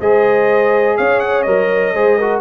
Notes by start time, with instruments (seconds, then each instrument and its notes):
0.00 tuba G#3, trombone G#4, horn C5, trumpet D#5
0.97 tuba C#4, horn C#5, trumpet F5
1.20 trumpet F#5
1.42 tuba F#3, trombone A#4, trumpet D#5
1.95 tuba G#3, trombone G#4, horn C5
2.17 trombone F#4, horn A#4